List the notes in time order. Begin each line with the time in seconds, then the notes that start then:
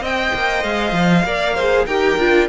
0.00 C4 C5 D#5 G5
0.34 A#3
0.63 G#3 F5
0.92 F3
1.24 A#3 A#4 D5
1.55 G#4 C5
1.86 D#4 G4 A#4 G5
2.17 D4 F4